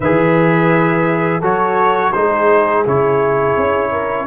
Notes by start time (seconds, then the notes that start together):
0.00 E3 G#4 B4 E5
1.40 F#3 F#4 A4 C#5
2.12 G#3 D#4 G#4 C5
2.85 C#3 E4 C#5
3.57 C#4
3.91 A#4